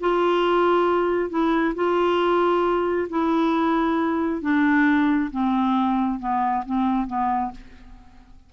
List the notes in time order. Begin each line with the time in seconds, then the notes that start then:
0.00 F4
1.30 E4
1.75 F4
3.09 E4
4.41 D4
5.31 C4
6.19 B3
6.66 C4
7.07 B3